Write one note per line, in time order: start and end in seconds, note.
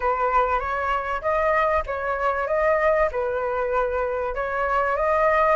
0.00 0.59 B4
0.59 1.21 C#5
1.21 1.83 D#5
1.86 2.47 C#5
2.47 3.09 D#5
3.11 4.34 B4
4.34 4.96 C#5
4.96 5.56 D#5